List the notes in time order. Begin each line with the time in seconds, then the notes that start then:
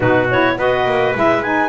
0.00 B2 D#4 F#4 B4
0.30 E4 C#5
0.57 B3 F#4 B4 D#5
0.85 A#3
1.14 G#3 E4 E5
1.42 D#4 G#5